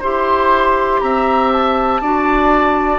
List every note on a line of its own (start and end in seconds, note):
0.00 1.02 E4
0.00 2.02 G4
0.00 1.00 C5
0.00 1.01 C6
1.01 2.01 C4
1.01 2.01 E5
1.01 1.51 A#5
1.52 2.99 A5
2.01 2.99 D4
2.01 2.99 F#4
2.01 2.99 D5